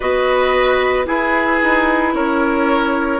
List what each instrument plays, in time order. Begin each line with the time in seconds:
0.00 bassoon B3, clarinet F#4, oboe B4, flute D#5
1.04 clarinet E4, bassoon E4, oboe G#4, flute B4
1.62 bassoon D#4
2.14 bassoon C#4, oboe A#4, flute C#5